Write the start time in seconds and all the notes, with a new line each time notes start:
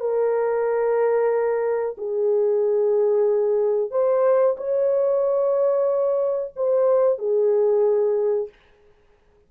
0.00 A#4
1.98 G#4
3.91 C5
4.57 C#5
6.56 C5
7.18 G#4